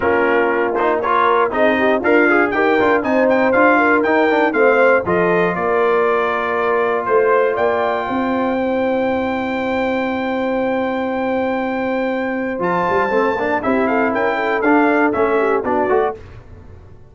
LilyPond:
<<
  \new Staff \with { instrumentName = "trumpet" } { \time 4/4 \tempo 4 = 119 ais'4. c''8 cis''4 dis''4 | f''4 g''4 gis''8 g''8 f''4 | g''4 f''4 dis''4 d''4~ | d''2 c''4 g''4~ |
g''1~ | g''1~ | g''4 a''2 e''8 f''8 | g''4 f''4 e''4 d''4 | }
  \new Staff \with { instrumentName = "horn" } { \time 4/4 f'2 ais'4 gis'8 g'8 | f'4 ais'4 c''4. ais'8~ | ais'4 c''4 a'4 ais'4~ | ais'2 c''4 d''4 |
c''1~ | c''1~ | c''2. g'8 a'8 | ais'8 a'2 g'8 fis'4 | }
  \new Staff \with { instrumentName = "trombone" } { \time 4/4 cis'4. dis'8 f'4 dis'4 | ais'8 gis'8 g'8 f'8 dis'4 f'4 | dis'8 d'8 c'4 f'2~ | f'1~ |
f'4 e'2.~ | e'1~ | e'4 f'4 c'8 d'8 e'4~ | e'4 d'4 cis'4 d'8 fis'8 | }
  \new Staff \with { instrumentName = "tuba" } { \time 4/4 ais2. c'4 | d'4 dis'8 d'8 c'4 d'4 | dis'4 a4 f4 ais4~ | ais2 a4 ais4 |
c'1~ | c'1~ | c'4 f8 g8 a8 ais8 c'4 | cis'4 d'4 a4 b8 a8 | }
>>